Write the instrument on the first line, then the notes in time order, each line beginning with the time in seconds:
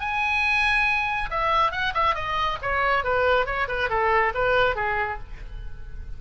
oboe
0.00 G#5
1.30 E5
1.71 F#5
1.95 E5
2.15 D#5
2.62 C#5
3.04 B4
3.46 C#5
3.68 B4
3.90 A4
4.34 B4
4.76 G#4